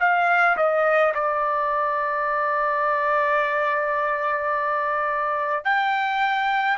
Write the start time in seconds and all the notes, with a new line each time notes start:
0.00 F5
0.57 D#5
1.14 D5
5.64 G5